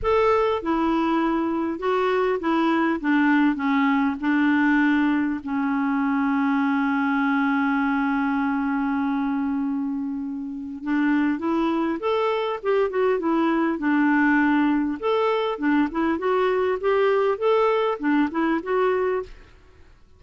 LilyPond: \new Staff \with { instrumentName = "clarinet" } { \time 4/4 \tempo 4 = 100 a'4 e'2 fis'4 | e'4 d'4 cis'4 d'4~ | d'4 cis'2.~ | cis'1~ |
cis'2 d'4 e'4 | a'4 g'8 fis'8 e'4 d'4~ | d'4 a'4 d'8 e'8 fis'4 | g'4 a'4 d'8 e'8 fis'4 | }